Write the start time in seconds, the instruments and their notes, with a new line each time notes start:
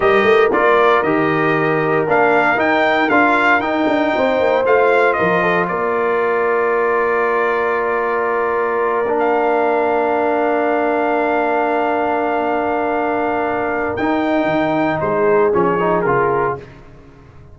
0.00 tuba G3, trombone G4, horn A#4, trumpet D#5
0.23 tuba A3
0.51 tuba A#3, trombone F4, trumpet D5
1.02 tuba D#3, trombone G4, trumpet D#5
2.07 tuba A#3, trombone D4, trumpet F5
2.56 tuba D#4, trombone D#4, trumpet G5
3.09 tuba D4, trombone F4, trumpet F5
3.59 tuba D#4, trombone D#4, trumpet G5
3.87 tuba D4
4.15 tuba C4, horn C5
4.39 tuba A#3
4.65 tuba A3, trombone F4, trumpet F5
5.13 horn A#4, trumpet D#5
5.19 tuba F3
5.42 horn A4
5.67 tuba A#3, horn A#4, trumpet D5
9.07 trombone D4
9.19 trumpet F5
13.96 trombone D#4, tuba D#4, trumpet G5
14.44 tuba D#3
15.00 tuba G#3, horn G#4, trumpet C5
15.52 tuba F3, trombone C#4, trumpet C#5
15.79 trombone D#4
16.01 tuba C#3, trombone F4, trumpet A#4